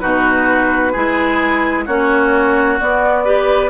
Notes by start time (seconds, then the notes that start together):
0.00 B2 D#4 F#4 B4
0.92 G#3 E4 G#4
1.86 A#3 C#4 F#4 C#5
2.80 B3 D5
3.25 G4 B4